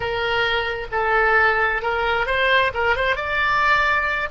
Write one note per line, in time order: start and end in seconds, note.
0.00 0.87 A#4
0.91 1.81 A4
1.82 2.26 A#4
2.26 2.71 C5
2.74 2.96 A#4
2.96 3.16 C5
3.16 4.29 D5